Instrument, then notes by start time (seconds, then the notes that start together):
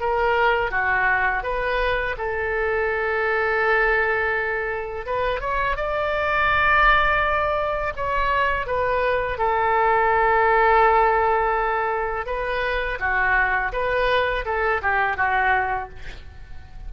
oboe
0.00 A#4
0.71 F#4
1.43 B4
2.18 A4
5.06 B4
5.40 C#5
5.76 D5
7.96 C#5
8.66 B4
9.37 A4
12.26 B4
13.00 F#4
13.72 B4
14.45 A4
14.82 G4
15.16 F#4